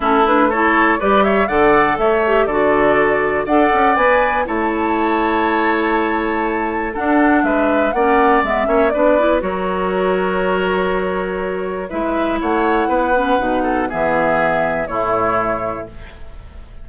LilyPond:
<<
  \new Staff \with { instrumentName = "flute" } { \time 4/4 \tempo 4 = 121 a'8 b'8 cis''4 d''8 e''8 fis''4 | e''4 d''2 fis''4 | gis''4 a''2.~ | a''2 fis''4 e''4 |
fis''4 e''4 d''4 cis''4~ | cis''1 | e''4 fis''2. | e''2 cis''2 | }
  \new Staff \with { instrumentName = "oboe" } { \time 4/4 e'4 a'4 b'8 cis''8 d''4 | cis''4 a'2 d''4~ | d''4 cis''2.~ | cis''2 a'4 b'4 |
d''4. cis''8 b'4 ais'4~ | ais'1 | b'4 cis''4 b'4. a'8 | gis'2 e'2 | }
  \new Staff \with { instrumentName = "clarinet" } { \time 4/4 cis'8 d'8 e'4 g'4 a'4~ | a'8 g'8 fis'2 a'4 | b'4 e'2.~ | e'2 d'2 |
cis'4 b8 cis'8 d'8 e'8 fis'4~ | fis'1 | e'2~ e'8 cis'8 dis'4 | b2 a2 | }
  \new Staff \with { instrumentName = "bassoon" } { \time 4/4 a2 g4 d4 | a4 d2 d'8 cis'8 | b4 a2.~ | a2 d'4 gis4 |
ais4 gis8 ais8 b4 fis4~ | fis1 | gis4 a4 b4 b,4 | e2 a,2 | }
>>